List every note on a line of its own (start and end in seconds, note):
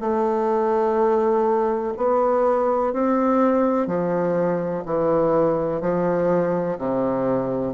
0.00 1.94 A3
1.97 2.93 B3
2.93 3.87 C4
3.87 4.84 F3
4.85 5.81 E3
5.81 6.78 F3
6.78 7.73 C3